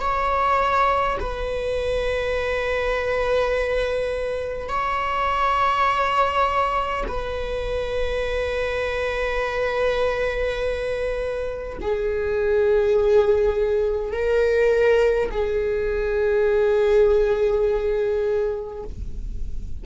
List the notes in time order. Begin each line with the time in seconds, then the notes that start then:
0.00 C#5
1.19 B4
4.68 C#5
7.07 B4
11.81 G#4
14.12 A#4
15.31 G#4